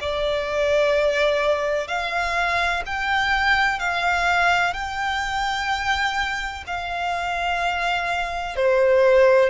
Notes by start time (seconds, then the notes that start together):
0.00 D5
1.87 F5
2.86 G5
3.79 F5
4.73 G5
6.66 F5
8.55 C5